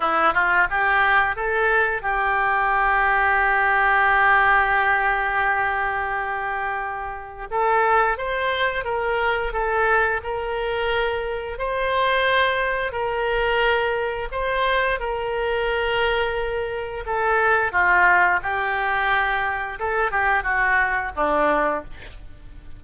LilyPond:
\new Staff \with { instrumentName = "oboe" } { \time 4/4 \tempo 4 = 88 e'8 f'8 g'4 a'4 g'4~ | g'1~ | g'2. a'4 | c''4 ais'4 a'4 ais'4~ |
ais'4 c''2 ais'4~ | ais'4 c''4 ais'2~ | ais'4 a'4 f'4 g'4~ | g'4 a'8 g'8 fis'4 d'4 | }